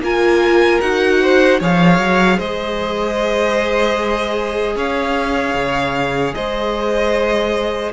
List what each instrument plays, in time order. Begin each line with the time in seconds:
0.00 cello A#3, viola F4, violin A#4 G#5
0.81 cello D#4, viola F#4, violin F#5
1.22 violin C5
1.61 cello F3, viola G#4, violin C#5 F5
1.99 cello F#3
2.38 cello G#3, violin C5 D#5
4.76 cello C#4, violin C#5 F5
5.55 cello C#3
6.35 cello G#3, violin C5 D#5